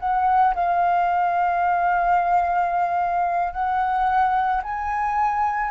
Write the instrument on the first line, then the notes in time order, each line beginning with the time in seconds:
flute
0.00 F#5
0.55 F5
3.53 F#5
4.63 G#5